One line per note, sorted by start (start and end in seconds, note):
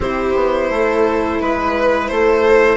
0.00 0.33 C4
0.00 2.76 E4
0.00 0.70 G4
0.00 1.40 C5
0.35 0.69 B3
0.69 1.39 A3
0.69 1.40 A4
1.40 2.10 G#3
1.40 2.08 B4
1.40 2.10 B4
2.08 2.76 A3
2.08 2.76 A4
2.08 2.76 C5